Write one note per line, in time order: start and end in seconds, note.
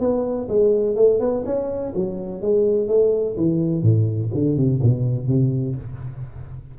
0.00 0.48 B3
0.49 0.96 G#3
0.96 1.20 A3
1.20 1.44 B3
1.46 1.94 C#4
1.95 2.42 F#3
2.42 2.88 G#3
2.88 3.36 A3
3.37 3.82 E3
3.82 4.30 A2
4.34 4.57 D3
4.57 4.81 C3
4.83 5.28 B2
5.28 5.76 C3